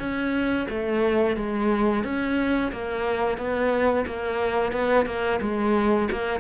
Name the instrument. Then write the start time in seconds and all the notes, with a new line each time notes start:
cello
0.00 C#4
0.70 A3
1.37 G#3
2.05 C#4
2.73 A#3
3.38 B3
4.07 A#3
4.73 B3
5.07 A#3
5.42 G#3
6.12 A#3